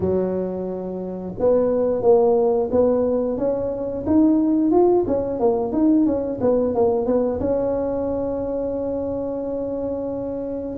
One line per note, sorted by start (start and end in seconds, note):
0.00 1.34 F#3
1.39 2.02 B3
2.02 2.69 A#3
2.71 3.37 B3
3.37 4.04 C#4
4.06 4.71 D#4
4.71 5.05 F4
5.07 5.39 C#4
5.39 5.72 A#3
5.72 6.06 D#4
6.06 6.39 C#4
6.40 6.74 B3
6.74 7.06 A#3
7.06 7.39 B3
7.40 10.77 C#4